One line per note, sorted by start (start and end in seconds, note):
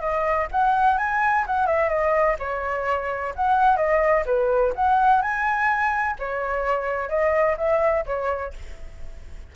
0.00 0.47 D#5
0.51 0.97 F#5
0.97 1.45 G#5
1.46 1.66 F#5
1.66 1.89 E5
1.89 2.36 D#5
2.39 3.33 C#5
3.35 3.76 F#5
3.76 4.23 D#5
4.26 4.73 B4
4.75 5.22 F#5
5.22 6.16 G#5
6.19 7.09 C#5
7.09 7.56 D#5
7.57 8.04 E5
8.06 8.53 C#5